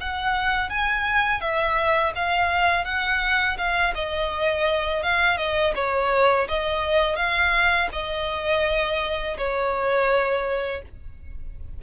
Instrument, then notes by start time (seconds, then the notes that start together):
violin
0.00 F#5
0.69 G#5
1.40 E5
2.15 F5
2.85 F#5
3.58 F5
3.95 D#5
5.02 F5
5.37 D#5
5.75 C#5
6.48 D#5
7.16 F5
7.92 D#5
9.37 C#5